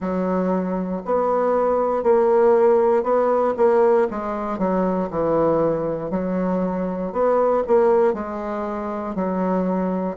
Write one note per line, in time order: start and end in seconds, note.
0.00 1.02 F#3
1.05 2.03 B3
2.03 3.03 A#3
3.03 3.54 B3
3.56 4.07 A#3
4.10 4.58 G#3
4.58 5.08 F#3
5.10 6.10 E3
6.10 7.12 F#3
7.12 7.63 B3
7.67 8.13 A#3
8.13 9.15 G#3
9.15 10.16 F#3